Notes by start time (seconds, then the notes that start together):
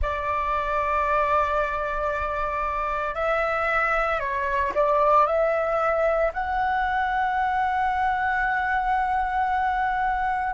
0.01 D5
3.14 E5
4.19 C#5
4.74 D5
5.26 E5
6.33 F#5